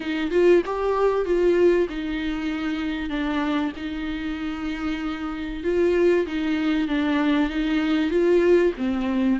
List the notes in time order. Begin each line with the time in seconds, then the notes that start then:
0.00 D#4
0.31 F4
0.65 G4
1.25 F4
1.89 D#4
3.09 D4
3.76 D#4
5.63 F4
6.26 D#4
6.88 D4
7.49 D#4
8.10 F4
8.77 C4